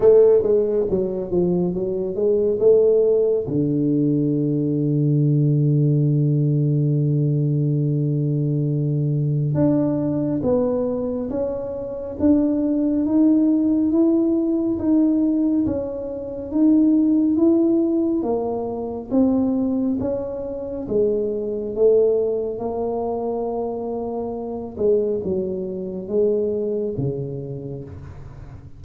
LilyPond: \new Staff \with { instrumentName = "tuba" } { \time 4/4 \tempo 4 = 69 a8 gis8 fis8 f8 fis8 gis8 a4 | d1~ | d2. d'4 | b4 cis'4 d'4 dis'4 |
e'4 dis'4 cis'4 dis'4 | e'4 ais4 c'4 cis'4 | gis4 a4 ais2~ | ais8 gis8 fis4 gis4 cis4 | }